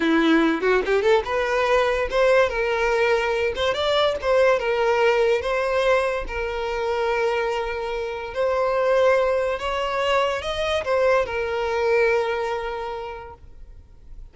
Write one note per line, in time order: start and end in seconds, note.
0.00 0.61 E4
0.61 0.81 F#4
0.85 1.02 G4
1.02 1.22 A4
1.25 2.08 B4
2.10 2.49 C5
2.49 3.53 A#4
3.55 3.73 C5
3.73 4.15 D5
4.21 4.59 C5
4.59 5.41 A#4
5.41 6.24 C5
6.27 8.34 A#4
8.34 9.59 C5
9.59 10.42 C#5
10.42 10.83 D#5
10.84 11.25 C5
11.25 13.34 A#4